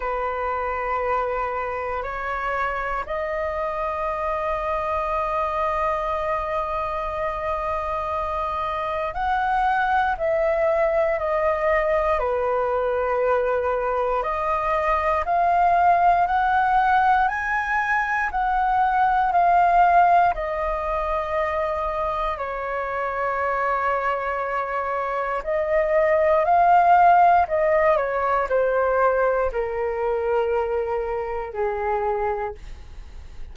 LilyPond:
\new Staff \with { instrumentName = "flute" } { \time 4/4 \tempo 4 = 59 b'2 cis''4 dis''4~ | dis''1~ | dis''4 fis''4 e''4 dis''4 | b'2 dis''4 f''4 |
fis''4 gis''4 fis''4 f''4 | dis''2 cis''2~ | cis''4 dis''4 f''4 dis''8 cis''8 | c''4 ais'2 gis'4 | }